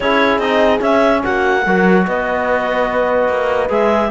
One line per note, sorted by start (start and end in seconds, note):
0.00 0.38 C#4
0.00 0.41 E4
0.00 1.23 G#4
0.00 0.39 C#5
0.38 0.79 C4
0.38 0.80 D#4
0.38 0.80 D#5
0.80 1.62 C#4
0.80 1.22 C#4
0.80 1.23 E5
1.23 1.65 A#3
1.23 1.65 F#4
1.23 2.05 F#5
1.65 2.07 F#3
1.65 3.69 F#4
1.65 2.07 A#4
2.07 3.28 B3
2.07 4.11 B4
2.07 3.71 D#5
3.28 3.69 A#3
3.69 4.10 G#3
3.69 4.10 G#4
3.69 4.11 E5